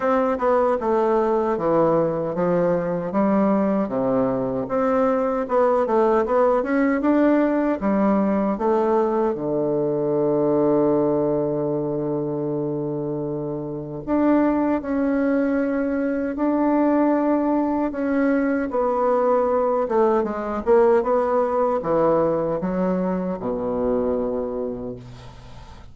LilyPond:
\new Staff \with { instrumentName = "bassoon" } { \time 4/4 \tempo 4 = 77 c'8 b8 a4 e4 f4 | g4 c4 c'4 b8 a8 | b8 cis'8 d'4 g4 a4 | d1~ |
d2 d'4 cis'4~ | cis'4 d'2 cis'4 | b4. a8 gis8 ais8 b4 | e4 fis4 b,2 | }